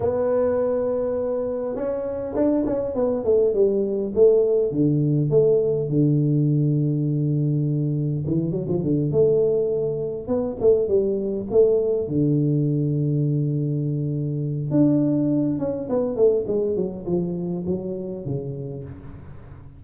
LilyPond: \new Staff \with { instrumentName = "tuba" } { \time 4/4 \tempo 4 = 102 b2. cis'4 | d'8 cis'8 b8 a8 g4 a4 | d4 a4 d2~ | d2 e8 fis16 f16 d8 a8~ |
a4. b8 a8 g4 a8~ | a8 d2.~ d8~ | d4 d'4. cis'8 b8 a8 | gis8 fis8 f4 fis4 cis4 | }